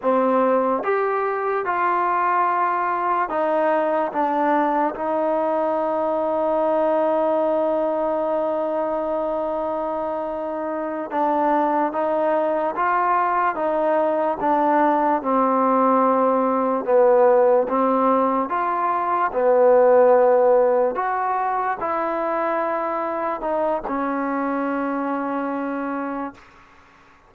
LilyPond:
\new Staff \with { instrumentName = "trombone" } { \time 4/4 \tempo 4 = 73 c'4 g'4 f'2 | dis'4 d'4 dis'2~ | dis'1~ | dis'4. d'4 dis'4 f'8~ |
f'8 dis'4 d'4 c'4.~ | c'8 b4 c'4 f'4 b8~ | b4. fis'4 e'4.~ | e'8 dis'8 cis'2. | }